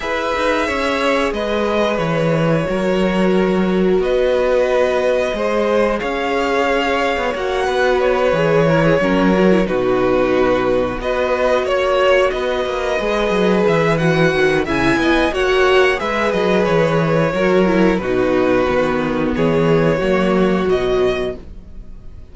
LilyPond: <<
  \new Staff \with { instrumentName = "violin" } { \time 4/4 \tempo 4 = 90 e''2 dis''4 cis''4~ | cis''2 dis''2~ | dis''4 f''2 fis''4 | cis''2~ cis''8 b'4.~ |
b'8 dis''4 cis''4 dis''4.~ | dis''8 e''8 fis''4 gis''4 fis''4 | e''8 dis''8 cis''2 b'4~ | b'4 cis''2 dis''4 | }
  \new Staff \with { instrumentName = "violin" } { \time 4/4 b'4 cis''4 b'2 | ais'2 b'2 | c''4 cis''2~ cis''8 b'8~ | b'4 ais'16 gis'16 ais'4 fis'4.~ |
fis'8 b'4 cis''4 b'4.~ | b'2 e''8 dis''8 cis''4 | b'2 ais'4 fis'4~ | fis'4 gis'4 fis'2 | }
  \new Staff \with { instrumentName = "viola" } { \time 4/4 gis'1 | fis'1 | gis'2. fis'4~ | fis'8 gis'8 e'8 cis'8 fis'16 e'16 dis'4.~ |
dis'8 fis'2. gis'8~ | gis'4 fis'4 e'4 fis'4 | gis'2 fis'8 e'8 dis'4 | b2 ais4 fis4 | }
  \new Staff \with { instrumentName = "cello" } { \time 4/4 e'8 dis'8 cis'4 gis4 e4 | fis2 b2 | gis4 cis'4.~ cis'16 b16 ais8 b8~ | b8 e4 fis4 b,4.~ |
b,8 b4 ais4 b8 ais8 gis8 | fis8 e4 dis8 cis8 b8 ais4 | gis8 fis8 e4 fis4 b,4 | dis4 e4 fis4 b,4 | }
>>